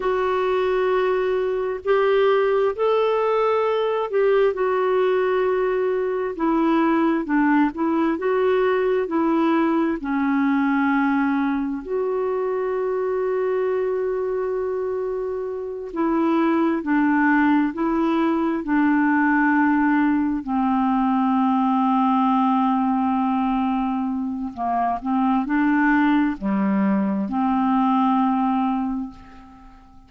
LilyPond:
\new Staff \with { instrumentName = "clarinet" } { \time 4/4 \tempo 4 = 66 fis'2 g'4 a'4~ | a'8 g'8 fis'2 e'4 | d'8 e'8 fis'4 e'4 cis'4~ | cis'4 fis'2.~ |
fis'4. e'4 d'4 e'8~ | e'8 d'2 c'4.~ | c'2. ais8 c'8 | d'4 g4 c'2 | }